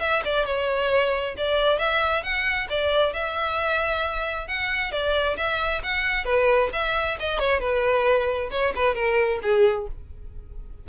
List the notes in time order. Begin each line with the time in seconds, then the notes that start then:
0.00 E5
0.25 D5
0.46 C#5
1.37 D5
1.79 E5
2.23 F#5
2.69 D5
3.13 E5
4.48 F#5
4.92 D5
5.37 E5
5.84 F#5
6.25 B4
6.73 E5
7.20 D#5
7.39 C#5
7.60 B4
8.51 C#5
8.76 B4
8.95 A#4
9.42 G#4